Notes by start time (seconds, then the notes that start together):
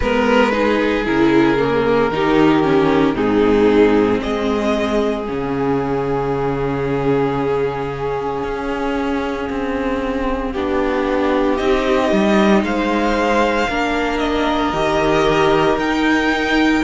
0.00 G#3 B3 A#4 B4
0.52 D#4 G#4
1.04 C#3 E4 A#4
1.58 A#3
2.10 D#3 D#4 G4
2.62 C#4
3.14 G#2 C4 D#4 G#4
4.22 G#3 G#4 D#5
5.25 C#3 C#4 F5
8.43 C#4
9.49 C4
10.52 B3 D4 G4
11.56 C4 D#4 D#5
12.11 G3
12.62 G#3 C5 F5
13.68 A#3 D4 A#4
14.18 D#5
14.73 D#3 G4
15.76 D#4 G5